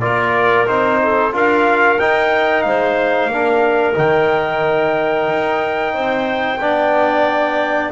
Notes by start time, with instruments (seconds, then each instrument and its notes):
0.00 double bass A#3, trombone F4, clarinet A#4, trumpet D5
0.67 double bass C4, trombone D#4, trumpet C5
1.02 clarinet A4
1.32 double bass D4, trombone F4, clarinet A#4, trumpet F5
1.99 trombone D#4, double bass D#4, trumpet G5
2.62 double bass G#3, clarinet C5, trumpet F5
3.27 double bass A#3, trombone D4, clarinet A#4
3.94 double bass D#3, trombone D#4, trumpet G5
5.29 double bass D#4
5.93 double bass C4, clarinet C5
6.59 double bass B3, trombone D4, clarinet D5